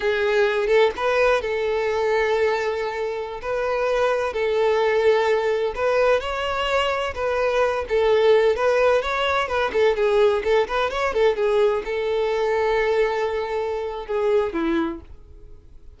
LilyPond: \new Staff \with { instrumentName = "violin" } { \time 4/4 \tempo 4 = 128 gis'4. a'8 b'4 a'4~ | a'2.~ a'16 b'8.~ | b'4~ b'16 a'2~ a'8.~ | a'16 b'4 cis''2 b'8.~ |
b'8. a'4. b'4 cis''8.~ | cis''16 b'8 a'8 gis'4 a'8 b'8 cis''8 a'16~ | a'16 gis'4 a'2~ a'8.~ | a'2 gis'4 e'4 | }